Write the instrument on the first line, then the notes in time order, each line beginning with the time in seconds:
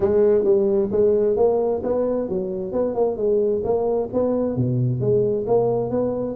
tuba
0.00 G#3
0.43 G3
0.91 G#3
1.36 A#3
1.83 B3
2.29 F#3
2.72 B3
2.94 A#3
3.17 G#3
3.63 A#3
4.13 B3
4.56 B2
5.00 G#3
5.46 A#3
5.90 B3